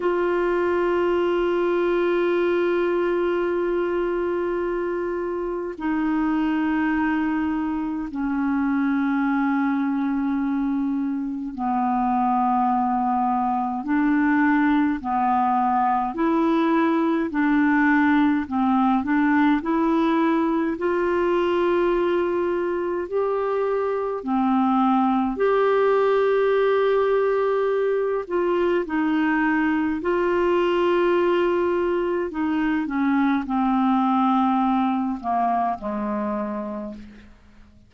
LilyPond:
\new Staff \with { instrumentName = "clarinet" } { \time 4/4 \tempo 4 = 52 f'1~ | f'4 dis'2 cis'4~ | cis'2 b2 | d'4 b4 e'4 d'4 |
c'8 d'8 e'4 f'2 | g'4 c'4 g'2~ | g'8 f'8 dis'4 f'2 | dis'8 cis'8 c'4. ais8 gis4 | }